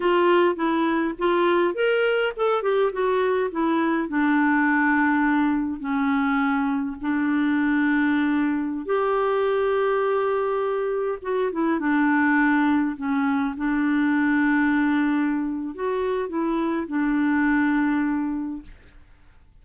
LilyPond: \new Staff \with { instrumentName = "clarinet" } { \time 4/4 \tempo 4 = 103 f'4 e'4 f'4 ais'4 | a'8 g'8 fis'4 e'4 d'4~ | d'2 cis'2 | d'2.~ d'16 g'8.~ |
g'2.~ g'16 fis'8 e'16~ | e'16 d'2 cis'4 d'8.~ | d'2. fis'4 | e'4 d'2. | }